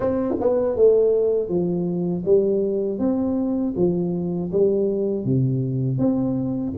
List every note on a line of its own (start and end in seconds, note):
0.00 0.34 C4
0.40 0.76 B3
0.76 1.48 A3
1.48 2.23 F3
2.25 2.99 G3
2.99 3.74 C4
3.76 4.51 F3
4.51 5.24 G3
5.24 5.98 C3
5.98 6.73 C4